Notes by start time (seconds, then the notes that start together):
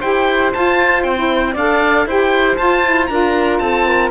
0.00 E4 G4 C5 G5
0.53 F4 A5
1.03 C4 G5
1.15 E4
1.53 D4 A4 D5 F5
2.06 E4 G4 C5 G5
2.56 F4 A5
2.84 E4
3.06 D4 F4 A#4 A#5
3.58 C4 A4 A5
3.86 A#4